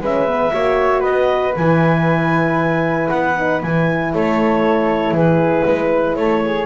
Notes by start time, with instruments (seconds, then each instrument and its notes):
0.00 double bass G#3, horn C#4, flute B4, clarinet E5
0.27 horn B3
0.51 double bass A#3, horn F#4, flute C#5
0.99 double bass B3, flute B4, clarinet D#5
1.55 double bass E3, horn E4, clarinet G#5
3.09 double bass B3, clarinet F#5
3.37 horn D#4
3.62 double bass E3, horn E4, clarinet G#5
4.13 double bass A3, flute A4, clarinet C#5
5.11 double bass E3, flute G#4, clarinet B4
5.65 double bass G#3, flute B4
6.15 double bass A3, flute A4, clarinet C#5
6.44 flute G#4